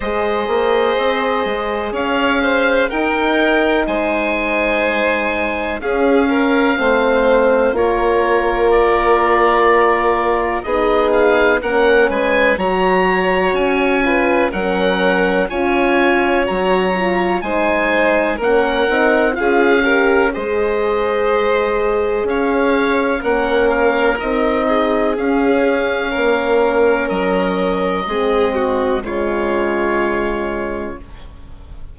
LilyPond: <<
  \new Staff \with { instrumentName = "oboe" } { \time 4/4 \tempo 4 = 62 dis''2 f''4 g''4 | gis''2 f''2 | cis''4 d''2 dis''8 f''8 | fis''8 gis''8 ais''4 gis''4 fis''4 |
gis''4 ais''4 gis''4 fis''4 | f''4 dis''2 f''4 | fis''8 f''8 dis''4 f''2 | dis''2 cis''2 | }
  \new Staff \with { instrumentName = "violin" } { \time 4/4 c''2 cis''8 c''8 ais'4 | c''2 gis'8 ais'8 c''4 | ais'2. gis'4 | ais'8 b'8 cis''4. b'8 ais'4 |
cis''2 c''4 ais'4 | gis'8 ais'8 c''2 cis''4 | ais'4. gis'4. ais'4~ | ais'4 gis'8 fis'8 f'2 | }
  \new Staff \with { instrumentName = "horn" } { \time 4/4 gis'2. dis'4~ | dis'2 cis'4 c'4 | f'2. dis'4 | cis'4 fis'4. f'8 cis'4 |
f'4 fis'8 f'8 dis'4 cis'8 dis'8 | f'8 g'8 gis'2. | cis'4 dis'4 cis'2~ | cis'4 c'4 gis2 | }
  \new Staff \with { instrumentName = "bassoon" } { \time 4/4 gis8 ais8 c'8 gis8 cis'4 dis'4 | gis2 cis'4 a4 | ais2. b4 | ais8 gis8 fis4 cis'4 fis4 |
cis'4 fis4 gis4 ais8 c'8 | cis'4 gis2 cis'4 | ais4 c'4 cis'4 ais4 | fis4 gis4 cis2 | }
>>